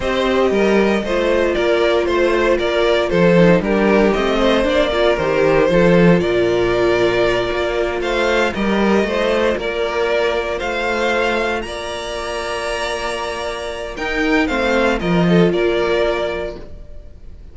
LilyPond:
<<
  \new Staff \with { instrumentName = "violin" } { \time 4/4 \tempo 4 = 116 dis''2. d''4 | c''4 d''4 c''4 ais'4 | dis''4 d''4 c''2 | d''2.~ d''8 f''8~ |
f''8 dis''2 d''4.~ | d''8 f''2 ais''4.~ | ais''2. g''4 | f''4 dis''4 d''2 | }
  \new Staff \with { instrumentName = "violin" } { \time 4/4 c''4 ais'4 c''4 ais'4 | c''4 ais'4 a'4 g'4~ | g'8 c''4 ais'4. a'4 | ais'2.~ ais'8 c''8~ |
c''8 ais'4 c''4 ais'4.~ | ais'8 c''2 d''4.~ | d''2. ais'4 | c''4 ais'8 a'8 ais'2 | }
  \new Staff \with { instrumentName = "viola" } { \time 4/4 g'2 f'2~ | f'2~ f'8 dis'8 d'4 | c'4 d'8 f'8 g'4 f'4~ | f'1~ |
f'8 g'4 f'2~ f'8~ | f'1~ | f'2. dis'4 | c'4 f'2. | }
  \new Staff \with { instrumentName = "cello" } { \time 4/4 c'4 g4 a4 ais4 | a4 ais4 f4 g4 | a4 ais4 dis4 f4 | ais,2~ ais,8 ais4 a8~ |
a8 g4 a4 ais4.~ | ais8 a2 ais4.~ | ais2. dis'4 | a4 f4 ais2 | }
>>